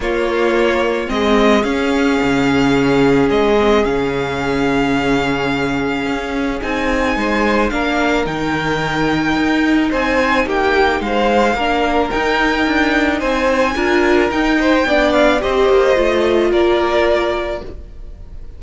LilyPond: <<
  \new Staff \with { instrumentName = "violin" } { \time 4/4 \tempo 4 = 109 cis''2 dis''4 f''4~ | f''2 dis''4 f''4~ | f''1 | gis''2 f''4 g''4~ |
g''2 gis''4 g''4 | f''2 g''2 | gis''2 g''4. f''8 | dis''2 d''2 | }
  \new Staff \with { instrumentName = "violin" } { \time 4/4 f'2 gis'2~ | gis'1~ | gis'1~ | gis'4 c''4 ais'2~ |
ais'2 c''4 g'4 | c''4 ais'2. | c''4 ais'4. c''8 d''4 | c''2 ais'2 | }
  \new Staff \with { instrumentName = "viola" } { \time 4/4 ais2 c'4 cis'4~ | cis'2~ cis'8 c'8 cis'4~ | cis'1 | dis'2 d'4 dis'4~ |
dis'1~ | dis'4 d'4 dis'2~ | dis'4 f'4 dis'4 d'4 | g'4 f'2. | }
  \new Staff \with { instrumentName = "cello" } { \time 4/4 ais2 gis4 cis'4 | cis2 gis4 cis4~ | cis2. cis'4 | c'4 gis4 ais4 dis4~ |
dis4 dis'4 c'4 ais4 | gis4 ais4 dis'4 d'4 | c'4 d'4 dis'4 b4 | c'8 ais8 a4 ais2 | }
>>